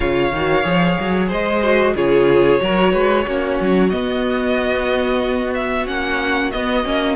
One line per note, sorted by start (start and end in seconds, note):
0.00 0.32 C#3
0.00 0.32 F4
0.00 1.28 C#5
0.00 1.27 F5
0.32 0.64 D#3
0.32 0.63 F#4
0.63 0.97 F3
0.63 1.61 G#4
0.99 1.32 F#3
1.28 1.94 G#3
1.28 1.93 C5
1.28 1.96 D#5
1.62 1.95 F#4
1.94 2.60 C#3
1.94 2.59 F4
1.94 2.60 G#4
1.94 3.90 C#5
2.59 2.93 F#3
2.59 3.25 F#4
2.59 2.92 A#4
2.92 3.26 G#3
2.92 3.25 B4
3.26 3.59 A#3
3.26 3.91 C#4
3.26 7.15 F#4
3.60 3.93 F#3
3.90 5.86 B3
3.90 5.87 B3
3.90 5.53 D#5
5.54 5.86 E5
5.86 6.52 A#3
5.86 6.51 C#4
5.86 6.51 F#5
6.51 6.85 B3
6.51 6.83 B3
6.51 7.15 D#5
6.83 7.15 A#3
6.83 7.15 C#4